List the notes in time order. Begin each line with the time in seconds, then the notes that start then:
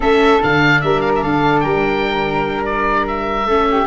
0.00 A3 C#4 A4 E5
0.41 D3 D4 F5
0.80 G3 A#4 E5
1.00 F5
1.15 E5
1.22 D3 A4 F5
1.60 G3 A#4 G5
2.65 D5
3.07 E5
3.45 A3 C#4 A4
3.70 G4